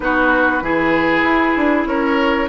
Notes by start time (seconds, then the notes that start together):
0.00 B3 D#4 F#4 B4
0.61 E3 E4 G#4
1.23 E4
1.56 D4
1.85 C#4 A#4 C#5